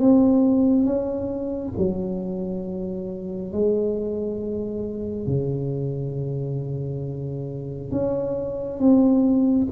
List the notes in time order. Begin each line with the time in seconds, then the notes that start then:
0.00 C4
0.85 C#4
1.78 F#3
3.53 G#3
5.27 C#3
7.91 C#4
8.79 C4